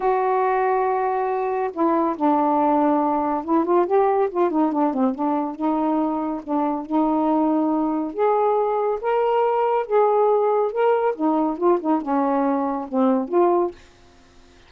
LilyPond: \new Staff \with { instrumentName = "saxophone" } { \time 4/4 \tempo 4 = 140 fis'1 | e'4 d'2. | e'8 f'8 g'4 f'8 dis'8 d'8 c'8 | d'4 dis'2 d'4 |
dis'2. gis'4~ | gis'4 ais'2 gis'4~ | gis'4 ais'4 dis'4 f'8 dis'8 | cis'2 c'4 f'4 | }